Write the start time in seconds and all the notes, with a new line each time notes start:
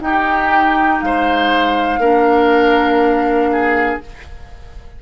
0.00 D#4 G4 G5
1.01 G#3 C5 F5
1.98 A#3 D4 A#4
3.52 G#4